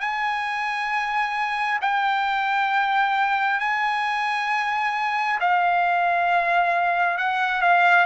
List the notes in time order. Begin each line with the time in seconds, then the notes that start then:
0.00 G#5
1.81 G5
3.59 G#5
5.40 F5
7.18 F#5
7.61 F5